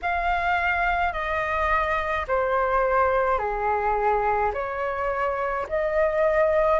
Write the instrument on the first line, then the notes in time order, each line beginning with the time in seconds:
flute
0.02 F5
1.12 D#5
2.27 C5
3.38 G#4
4.53 C#5
5.69 D#5